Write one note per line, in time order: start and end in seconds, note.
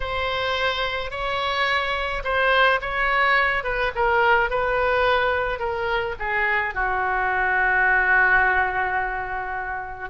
0.00 1.10 C5
1.10 2.23 C#5
2.24 2.80 C5
2.81 3.63 C#5
3.63 3.91 B4
3.95 4.50 A#4
4.50 5.59 B4
5.59 6.15 A#4
6.19 6.74 G#4
6.74 10.09 F#4